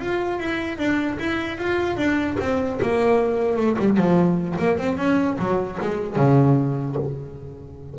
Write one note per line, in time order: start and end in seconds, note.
0.00 0.40 F4
0.40 0.78 E4
0.78 1.18 D4
1.19 1.58 E4
1.58 1.97 F4
1.97 2.37 D4
2.40 2.80 C4
2.83 3.57 A#3
3.57 3.77 A3
3.79 3.97 G3
3.97 4.57 F3
4.59 4.78 A#3
4.78 4.98 C4
4.98 5.38 C#4
5.39 5.79 F#3
5.82 6.16 G#3
6.16 6.96 C#3